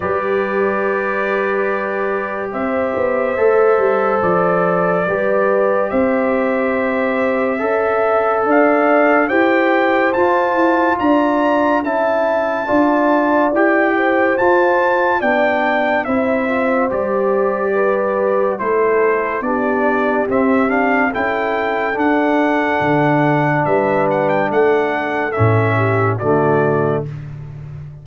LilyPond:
<<
  \new Staff \with { instrumentName = "trumpet" } { \time 4/4 \tempo 4 = 71 d''2. e''4~ | e''4 d''2 e''4~ | e''2 f''4 g''4 | a''4 ais''4 a''2 |
g''4 a''4 g''4 e''4 | d''2 c''4 d''4 | e''8 f''8 g''4 fis''2 | e''8 fis''16 g''16 fis''4 e''4 d''4 | }
  \new Staff \with { instrumentName = "horn" } { \time 4/4 b'2. c''4~ | c''2 b'4 c''4~ | c''4 e''4 d''4 c''4~ | c''4 d''4 e''4 d''4~ |
d''8 c''4. d''4 c''4~ | c''4 b'4 a'4 g'4~ | g'4 a'2. | b'4 a'4. g'8 fis'4 | }
  \new Staff \with { instrumentName = "trombone" } { \time 4/4 g'1 | a'2 g'2~ | g'4 a'2 g'4 | f'2 e'4 f'4 |
g'4 f'4 d'4 e'8 f'8 | g'2 e'4 d'4 | c'8 d'8 e'4 d'2~ | d'2 cis'4 a4 | }
  \new Staff \with { instrumentName = "tuba" } { \time 4/4 g2. c'8 b8 | a8 g8 f4 g4 c'4~ | c'4 cis'4 d'4 e'4 | f'8 e'8 d'4 cis'4 d'4 |
e'4 f'4 b4 c'4 | g2 a4 b4 | c'4 cis'4 d'4 d4 | g4 a4 a,4 d4 | }
>>